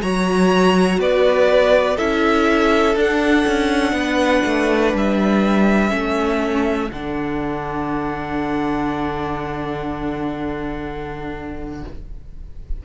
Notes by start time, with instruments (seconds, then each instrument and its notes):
0.00 cello F#3, viola F#4, violin C#5 A#5
0.98 cello B3, violin B4 D5
1.96 cello C#4, viola E4, violin A4 E5
2.95 cello D4, viola D4, violin F#5
3.47 cello C#4
3.92 cello B3, violin B4
4.45 cello A3
4.93 cello G3, violin E5
5.89 cello A3, viola C#4, violin A4
6.91 cello D3, viola D4, violin F#5